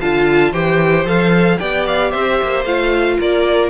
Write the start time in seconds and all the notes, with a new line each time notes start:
0.00 D3 F4 F5 A5
0.52 E3 G4 C5 G5
1.05 F3 A4 F5
1.59 B3 G4 D5 G5
1.87 F5
2.11 C4 C5 E5
2.42 A#3
2.65 A3 F4 F5
3.19 A#3 A#4 D5